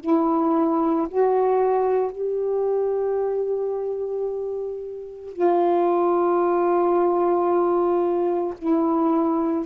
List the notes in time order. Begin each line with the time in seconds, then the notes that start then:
0.00 E4
1.08 F#4
2.11 G4
5.32 F4
8.58 E4